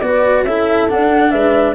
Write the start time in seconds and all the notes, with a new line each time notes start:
0.00 B3 F#4 B4 D5
0.44 C#4 E4 A4 E5
0.89 D4 F#5
1.31 G#3 B4 E5